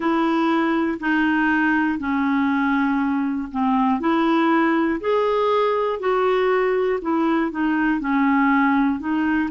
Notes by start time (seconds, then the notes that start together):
0.00 E4
1.00 D#4
1.98 C#4
3.51 C4
4.00 E4
5.00 G#4
5.99 F#4
7.01 E4
7.50 D#4
8.00 C#4
9.00 D#4